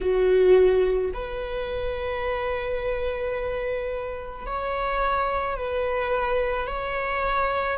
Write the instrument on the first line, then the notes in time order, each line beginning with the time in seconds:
viola
0.00 F#4
1.13 B4
4.46 C#5
5.57 B4
6.67 C#5